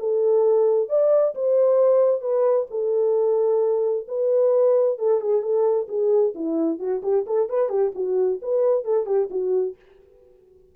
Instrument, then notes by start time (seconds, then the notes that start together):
horn
0.00 A4
0.89 D5
1.35 C5
2.21 B4
2.71 A4
4.08 B4
4.99 A4
5.21 G#4
5.42 A4
5.88 G#4
6.35 E4
6.79 F#4
7.03 G4
7.27 A4
7.49 B4
7.69 G4
7.95 F#4
8.42 B4
8.85 A4
9.06 G4
9.31 F#4